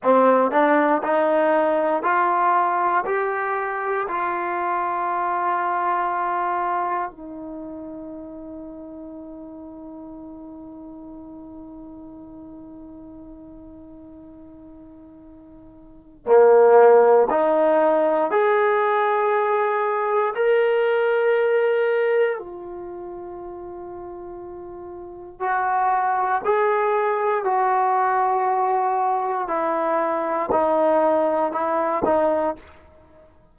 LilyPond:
\new Staff \with { instrumentName = "trombone" } { \time 4/4 \tempo 4 = 59 c'8 d'8 dis'4 f'4 g'4 | f'2. dis'4~ | dis'1~ | dis'1 |
ais4 dis'4 gis'2 | ais'2 f'2~ | f'4 fis'4 gis'4 fis'4~ | fis'4 e'4 dis'4 e'8 dis'8 | }